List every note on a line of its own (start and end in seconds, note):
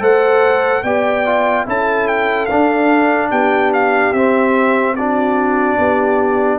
0.00 0.83 A3
0.00 0.82 A4
0.00 0.83 C5
0.00 0.83 F#5
0.83 1.65 B3
0.83 1.26 G4
0.83 1.66 D5
0.83 1.65 G5
1.26 1.66 F4
1.66 2.49 C#4
1.66 2.48 E4
1.66 3.30 A4
1.66 2.08 A5
2.08 2.46 G5
2.46 4.15 D4
2.46 3.31 D4
2.46 3.28 F5
3.30 4.13 B3
3.30 4.94 G4
3.30 3.72 G5
3.73 4.13 F5
4.13 5.78 C4
4.13 4.97 C4
4.13 4.95 E5
4.96 6.59 D4
4.96 5.79 F#4
4.96 6.59 D5
5.78 6.59 B3
5.78 6.59 G4